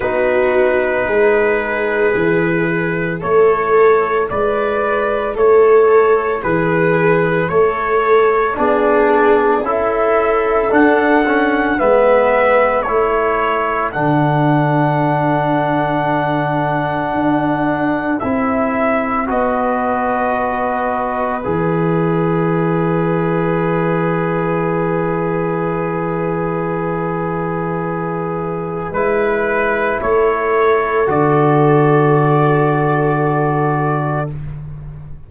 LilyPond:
<<
  \new Staff \with { instrumentName = "trumpet" } { \time 4/4 \tempo 4 = 56 b'2. cis''4 | d''4 cis''4 b'4 cis''4 | d''4 e''4 fis''4 e''4 | cis''4 fis''2.~ |
fis''4 e''4 dis''2 | e''1~ | e''2. b'4 | cis''4 d''2. | }
  \new Staff \with { instrumentName = "viola" } { \time 4/4 fis'4 gis'2 a'4 | b'4 a'4 gis'4 a'4 | gis'4 a'2 b'4 | a'1~ |
a'2 b'2~ | b'1~ | b'1 | a'1 | }
  \new Staff \with { instrumentName = "trombone" } { \time 4/4 dis'2 e'2~ | e'1 | d'4 e'4 d'8 cis'8 b4 | e'4 d'2.~ |
d'4 e'4 fis'2 | gis'1~ | gis'2. e'4~ | e'4 fis'2. | }
  \new Staff \with { instrumentName = "tuba" } { \time 4/4 b4 gis4 e4 a4 | gis4 a4 e4 a4 | b4 cis'4 d'4 gis4 | a4 d2. |
d'4 c'4 b2 | e1~ | e2. gis4 | a4 d2. | }
>>